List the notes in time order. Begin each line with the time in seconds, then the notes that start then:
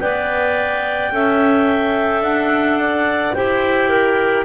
0.00 B3 B4 D5 G5
1.12 C#4 A4 E5
2.21 D4 F#5
2.80 D5
3.34 E4 G4 C5 G5
3.89 A#4